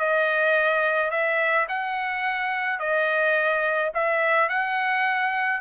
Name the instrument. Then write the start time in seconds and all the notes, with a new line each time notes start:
trumpet
0.00 D#5
1.11 E5
1.69 F#5
2.80 D#5
3.95 E5
4.50 F#5